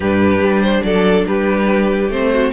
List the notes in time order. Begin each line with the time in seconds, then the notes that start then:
0.00 G2 D4 G4 B4
0.39 G3
0.62 C5
0.83 F#3 A4 D5
1.26 G3 G4 B4
2.08 A3 C4 C5
2.32 F#4